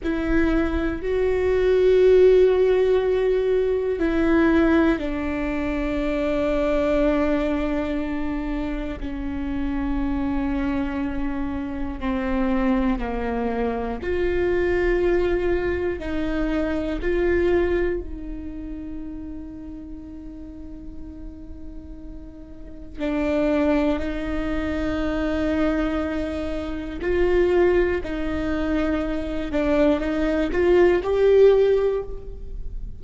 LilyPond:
\new Staff \with { instrumentName = "viola" } { \time 4/4 \tempo 4 = 60 e'4 fis'2. | e'4 d'2.~ | d'4 cis'2. | c'4 ais4 f'2 |
dis'4 f'4 dis'2~ | dis'2. d'4 | dis'2. f'4 | dis'4. d'8 dis'8 f'8 g'4 | }